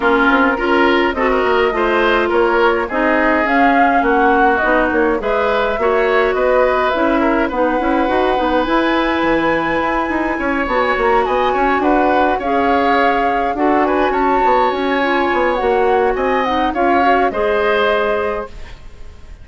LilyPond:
<<
  \new Staff \with { instrumentName = "flute" } { \time 4/4 \tempo 4 = 104 ais'2 dis''2 | cis''4 dis''4 f''4 fis''4 | dis''8 cis''8 e''2 dis''4 | e''4 fis''2 gis''4~ |
gis''2~ gis''8 a''16 gis''16 ais''8 gis''8~ | gis''8 fis''4 f''2 fis''8 | gis''8 a''4 gis''4. fis''4 | gis''8 fis''8 f''4 dis''2 | }
  \new Staff \with { instrumentName = "oboe" } { \time 4/4 f'4 ais'4 a'16 ais'8. c''4 | ais'4 gis'2 fis'4~ | fis'4 b'4 cis''4 b'4~ | b'8 ais'8 b'2.~ |
b'2 cis''4. dis''8 | cis''8 b'4 cis''2 a'8 | b'8 cis''2.~ cis''8 | dis''4 cis''4 c''2 | }
  \new Staff \with { instrumentName = "clarinet" } { \time 4/4 cis'4 f'4 fis'4 f'4~ | f'4 dis'4 cis'2 | dis'4 gis'4 fis'2 | e'4 dis'8 e'8 fis'8 dis'8 e'4~ |
e'2~ e'8 fis'4.~ | fis'4. gis'2 fis'8~ | fis'2 f'4 fis'4~ | fis'8 dis'8 f'8 fis'8 gis'2 | }
  \new Staff \with { instrumentName = "bassoon" } { \time 4/4 ais8 c'8 cis'4 c'8 ais8 a4 | ais4 c'4 cis'4 ais4 | b8 ais8 gis4 ais4 b4 | cis'4 b8 cis'8 dis'8 b8 e'4 |
e4 e'8 dis'8 cis'8 b8 ais8 b8 | cis'8 d'4 cis'2 d'8~ | d'8 cis'8 b8 cis'4 b8 ais4 | c'4 cis'4 gis2 | }
>>